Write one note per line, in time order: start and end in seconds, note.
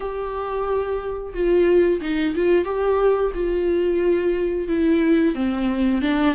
0.00 1.33 G4
1.33 2.00 F4
2.01 2.34 D#4
2.35 2.65 F4
2.65 3.31 G4
3.34 4.68 F4
4.68 5.34 E4
5.35 6.01 C4
6.01 6.34 D4